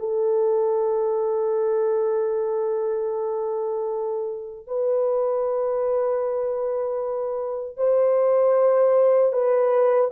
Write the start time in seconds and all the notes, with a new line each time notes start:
0.00 A4
4.68 B4
7.77 C5
9.33 B4